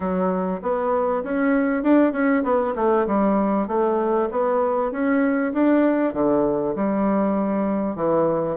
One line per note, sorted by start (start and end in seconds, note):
0.00 0.60 F#3
0.62 1.23 B3
1.23 1.83 C#4
1.83 2.12 D4
2.12 2.43 C#4
2.43 2.74 B3
2.76 3.06 A3
3.06 3.67 G3
3.67 4.29 A3
4.31 4.91 B3
4.91 5.52 C#4
5.53 6.13 D4
6.13 6.75 D3
6.75 7.95 G3
7.95 8.56 E3